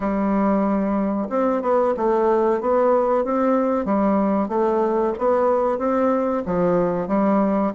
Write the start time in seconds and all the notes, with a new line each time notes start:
0.00 G3
1.29 C4
1.61 B3
1.96 A3
2.60 B3
3.24 C4
3.85 G3
4.48 A3
5.18 B3
5.78 C4
6.45 F3
7.07 G3